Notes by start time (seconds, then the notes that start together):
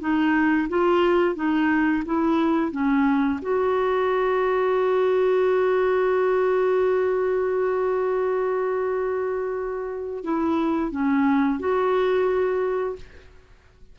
0.00 D#4
0.69 F4
1.35 D#4
2.05 E4
2.71 C#4
3.42 F#4
10.24 E4
10.91 C#4
11.59 F#4